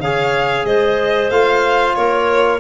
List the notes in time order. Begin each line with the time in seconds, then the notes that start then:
0.00 C#3 G#4 C#5 F5
0.65 G#3 C5 D#5
1.30 A3 F4 F5
1.95 A#3 A#4 C#5